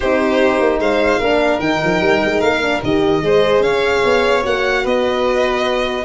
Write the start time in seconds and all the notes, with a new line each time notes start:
0.00 C4 D#4 G4 C5
0.59 A#3
0.79 G#3 C5 F5
1.19 A#3 D4 A#4
1.59 D#3 D#4 G5
1.84 F3
2.00 G3
2.25 G#3
2.40 A#3 F5
2.61 D4
2.83 D#3 G4 D#5
3.21 G#3 G#4 C5
3.60 C#4 C#5 F5
4.04 B3
4.42 A#3 F#4 F#5
4.83 B3 B4 D#5